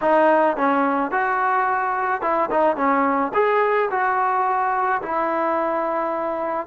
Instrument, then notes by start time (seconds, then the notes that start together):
trombone
0.01 D#4
0.57 C#4
1.11 F#4
2.21 E4
2.51 D#4
2.76 C#4
3.34 G#4
3.90 F#4
5.02 E4